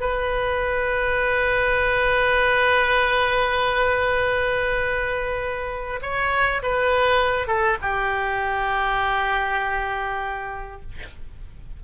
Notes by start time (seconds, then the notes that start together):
0.00 B4
6.02 C#5
6.62 B4
7.47 A4
7.82 G4